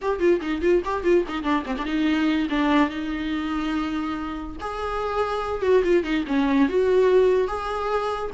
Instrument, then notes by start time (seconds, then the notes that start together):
viola
0.01 G4
0.19 F4
0.41 D#4
0.61 F4
0.84 G4
1.03 F4
1.27 D#4
1.43 D4
1.66 C4
1.78 D4
1.85 D#4
2.49 D4
2.89 D#4
4.60 G#4
5.62 F#4
5.84 F4
6.03 D#4
6.27 C#4
6.68 F#4
7.47 G#4